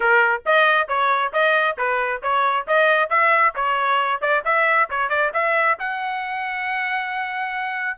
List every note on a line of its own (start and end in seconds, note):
0.00 0.42 A#4
0.45 0.88 D#5
0.88 1.32 C#5
1.32 1.77 D#5
1.77 2.22 B4
2.22 2.66 C#5
2.67 3.09 D#5
3.09 3.54 E5
3.55 4.21 C#5
4.21 4.43 D5
4.44 4.89 E5
4.90 5.09 C#5
5.09 5.31 D5
5.33 5.78 E5
5.79 7.97 F#5